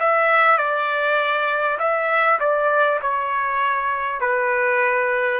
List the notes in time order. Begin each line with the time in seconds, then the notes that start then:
0.00 E5
0.58 D5
1.79 E5
2.40 D5
3.02 C#5
4.21 B4